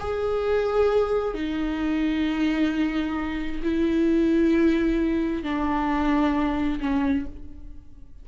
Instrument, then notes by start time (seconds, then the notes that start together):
viola
0.00 G#4
1.35 D#4
3.63 E4
5.43 D4
6.81 C#4